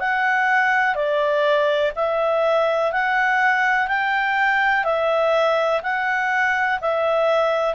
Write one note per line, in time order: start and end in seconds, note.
0.00 0.95 F#5
0.95 1.92 D5
1.96 2.93 E5
2.93 3.88 F#5
3.88 4.84 G5
4.84 5.81 E5
5.83 6.80 F#5
6.81 7.75 E5